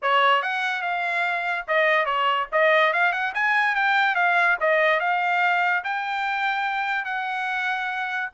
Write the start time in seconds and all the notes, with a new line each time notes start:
0.02 C#5
0.42 F#5
0.82 F5
1.67 D#5
2.05 C#5
2.52 D#5
2.93 F5
3.12 F#5
3.34 G#5
3.75 G5
4.15 F5
4.60 D#5
5.00 F5
5.84 G5
7.04 F#5